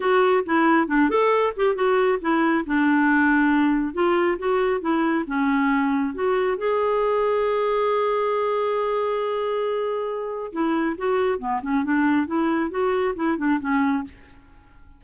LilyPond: \new Staff \with { instrumentName = "clarinet" } { \time 4/4 \tempo 4 = 137 fis'4 e'4 d'8 a'4 g'8 | fis'4 e'4 d'2~ | d'4 f'4 fis'4 e'4 | cis'2 fis'4 gis'4~ |
gis'1~ | gis'1 | e'4 fis'4 b8 cis'8 d'4 | e'4 fis'4 e'8 d'8 cis'4 | }